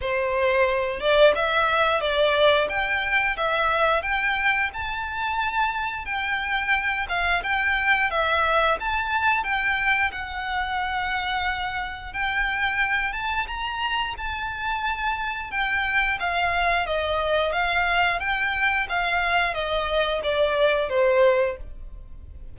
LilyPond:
\new Staff \with { instrumentName = "violin" } { \time 4/4 \tempo 4 = 89 c''4. d''8 e''4 d''4 | g''4 e''4 g''4 a''4~ | a''4 g''4. f''8 g''4 | e''4 a''4 g''4 fis''4~ |
fis''2 g''4. a''8 | ais''4 a''2 g''4 | f''4 dis''4 f''4 g''4 | f''4 dis''4 d''4 c''4 | }